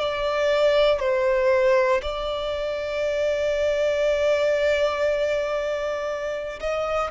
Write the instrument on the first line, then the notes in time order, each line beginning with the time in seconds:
violin
0.00 D5
1.00 C5
2.02 D5
6.61 D#5